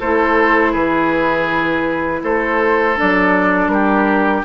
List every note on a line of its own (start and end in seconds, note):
0.00 0.74 A3
0.00 2.96 E4
0.00 0.72 A4
0.00 0.73 C5
0.72 2.22 E3
0.72 2.20 G#4
0.72 2.22 B4
2.23 2.97 A3
2.23 3.71 A4
2.23 2.98 C5
2.96 3.68 F#3
2.96 4.44 D4
2.96 3.68 D5
3.68 4.42 G3
3.68 4.44 G4
3.68 4.42 A#4